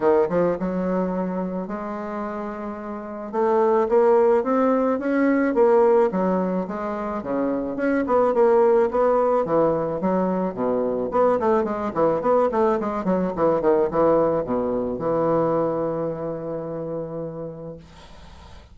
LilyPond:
\new Staff \with { instrumentName = "bassoon" } { \time 4/4 \tempo 4 = 108 dis8 f8 fis2 gis4~ | gis2 a4 ais4 | c'4 cis'4 ais4 fis4 | gis4 cis4 cis'8 b8 ais4 |
b4 e4 fis4 b,4 | b8 a8 gis8 e8 b8 a8 gis8 fis8 | e8 dis8 e4 b,4 e4~ | e1 | }